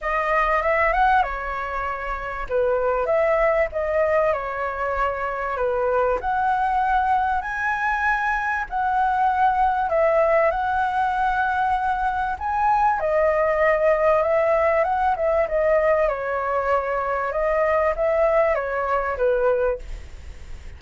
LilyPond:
\new Staff \with { instrumentName = "flute" } { \time 4/4 \tempo 4 = 97 dis''4 e''8 fis''8 cis''2 | b'4 e''4 dis''4 cis''4~ | cis''4 b'4 fis''2 | gis''2 fis''2 |
e''4 fis''2. | gis''4 dis''2 e''4 | fis''8 e''8 dis''4 cis''2 | dis''4 e''4 cis''4 b'4 | }